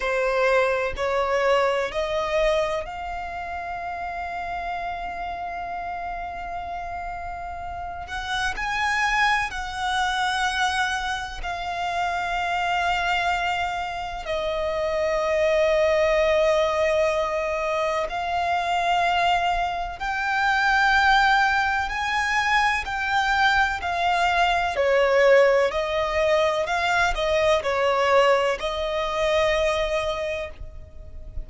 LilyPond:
\new Staff \with { instrumentName = "violin" } { \time 4/4 \tempo 4 = 63 c''4 cis''4 dis''4 f''4~ | f''1~ | f''8 fis''8 gis''4 fis''2 | f''2. dis''4~ |
dis''2. f''4~ | f''4 g''2 gis''4 | g''4 f''4 cis''4 dis''4 | f''8 dis''8 cis''4 dis''2 | }